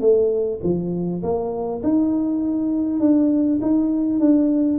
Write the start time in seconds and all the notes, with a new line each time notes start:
0.00 A3
0.63 F3
1.22 A#3
1.83 D#4
3.00 D4
3.61 D#4
4.19 D4